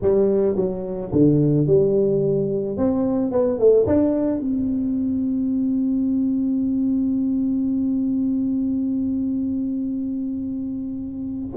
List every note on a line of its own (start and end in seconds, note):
0.02 0.56 G3
0.56 1.11 F#3
1.12 1.67 D3
1.67 2.77 G3
2.77 3.31 C4
3.31 3.58 B3
3.58 3.86 A3
3.86 4.40 D4
4.40 11.55 C4